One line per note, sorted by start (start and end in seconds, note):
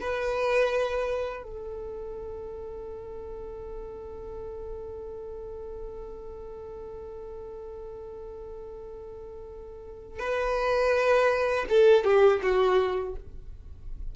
0.00 1.43 B4
1.43 10.19 A4
10.19 11.65 B4
11.69 12.04 A4
12.04 12.41 G4
12.42 13.15 F#4